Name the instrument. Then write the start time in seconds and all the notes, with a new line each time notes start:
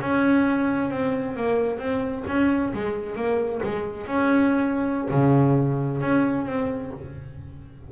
double bass
0.00 C#4
0.90 C4
1.36 A#3
1.78 C4
2.27 C#4
2.73 G#3
3.15 A#3
3.63 G#3
4.06 C#4
5.10 C#3
6.01 C#4
6.45 C4